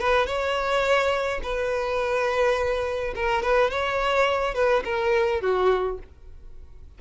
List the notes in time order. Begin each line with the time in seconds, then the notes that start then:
0.00 B4
0.26 C#5
1.43 B4
3.15 A#4
3.42 B4
3.70 C#5
4.55 B4
4.84 A#4
5.41 F#4